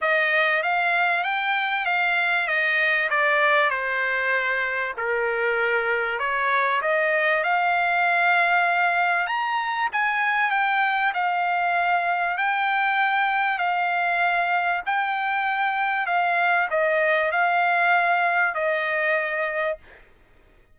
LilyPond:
\new Staff \with { instrumentName = "trumpet" } { \time 4/4 \tempo 4 = 97 dis''4 f''4 g''4 f''4 | dis''4 d''4 c''2 | ais'2 cis''4 dis''4 | f''2. ais''4 |
gis''4 g''4 f''2 | g''2 f''2 | g''2 f''4 dis''4 | f''2 dis''2 | }